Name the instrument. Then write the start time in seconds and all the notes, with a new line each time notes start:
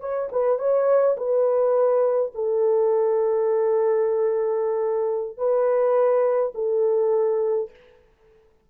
horn
0.00 C#5
0.32 B4
0.58 C#5
1.17 B4
2.34 A4
5.37 B4
6.55 A4